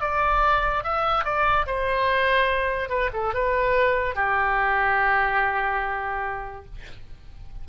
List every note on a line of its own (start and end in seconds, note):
0.00 0.83 D5
0.83 1.24 E5
1.24 1.66 D5
1.66 2.89 C5
2.89 3.09 B4
3.12 3.33 A4
3.33 4.15 B4
4.15 6.65 G4